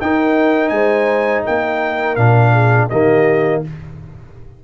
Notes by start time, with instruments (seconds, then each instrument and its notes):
0.00 tuba D#4, trombone D#4, horn A#4, trumpet G5
0.69 tuba G#3, horn C5, trumpet G#5
1.44 tuba A#3, horn A#4, trumpet G5
2.15 tuba A#2, trombone D4, trumpet F5
2.52 horn G#4
2.89 tuba D#3, trombone A#3, horn G4, trumpet D#5